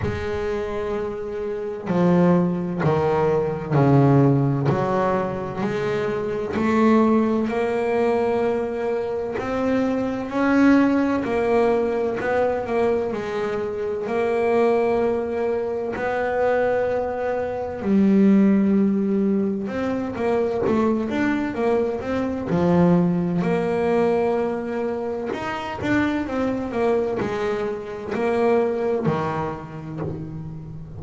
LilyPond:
\new Staff \with { instrumentName = "double bass" } { \time 4/4 \tempo 4 = 64 gis2 f4 dis4 | cis4 fis4 gis4 a4 | ais2 c'4 cis'4 | ais4 b8 ais8 gis4 ais4~ |
ais4 b2 g4~ | g4 c'8 ais8 a8 d'8 ais8 c'8 | f4 ais2 dis'8 d'8 | c'8 ais8 gis4 ais4 dis4 | }